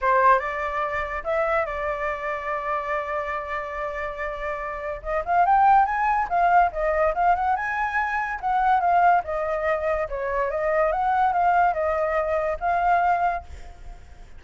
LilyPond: \new Staff \with { instrumentName = "flute" } { \time 4/4 \tempo 4 = 143 c''4 d''2 e''4 | d''1~ | d''1 | dis''8 f''8 g''4 gis''4 f''4 |
dis''4 f''8 fis''8 gis''2 | fis''4 f''4 dis''2 | cis''4 dis''4 fis''4 f''4 | dis''2 f''2 | }